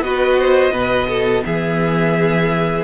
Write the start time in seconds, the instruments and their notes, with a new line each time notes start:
0.00 cello B3, viola F#4, violin B4 D#5
0.39 violin C5
0.72 cello B2, viola B3, violin B4
1.09 violin A4
1.46 cello E3, violin G#4 E5